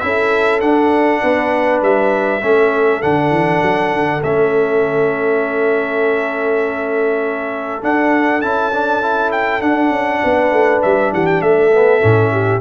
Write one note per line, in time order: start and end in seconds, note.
0.00 0.62 C#4
0.00 0.61 E4
0.00 1.22 A4
0.00 0.60 E5
0.61 2.42 D4
0.61 1.23 D4
0.61 1.81 F#5
1.22 1.82 B3
1.22 2.42 B4
1.82 2.42 G3
1.82 3.02 E5
2.43 3.03 A3
2.43 3.02 C#4
2.43 10.23 A4
3.02 3.31 D3
3.02 4.22 D4
3.02 4.22 F#5
3.31 3.60 E3
3.63 3.93 F#3
3.93 4.23 D3
4.23 7.83 A3
4.23 7.82 C#4
4.23 7.84 E5
7.82 8.42 D4
7.82 8.43 D4
7.82 8.42 F#5
8.42 9.62 C#4
8.42 8.72 E4
8.42 9.31 A5
8.73 9.02 D4
9.02 9.61 E4
9.32 9.62 G5
9.61 11.71 D4
9.61 9.91 D4
9.61 10.82 F#5
9.91 10.21 C#4
10.24 10.52 B3
10.24 11.13 B4
10.52 10.82 A3
10.82 11.13 G3
10.82 11.12 E5
11.13 11.41 E3
11.13 11.43 G4
11.13 11.27 F#5
11.27 11.42 G5
11.41 12.01 A3
11.41 12.32 A4
11.41 12.61 E5
11.72 12.01 B3
12.01 12.61 A2
12.01 12.61 C#4
12.32 12.61 G4